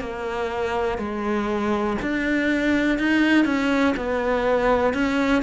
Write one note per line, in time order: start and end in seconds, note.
0.00 0.98 A#3
0.98 1.96 G#3
2.02 2.99 D4
2.99 3.45 D#4
3.45 3.94 C#4
3.96 4.94 B3
4.94 5.42 C#4